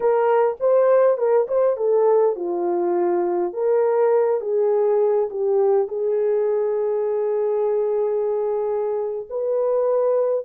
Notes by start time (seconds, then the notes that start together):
0.00 A#4
0.60 C5
1.17 A#4
1.47 C5
1.76 A4
2.35 F4
3.53 A#4
4.40 G#4
5.29 G4
5.88 G#4
9.29 B4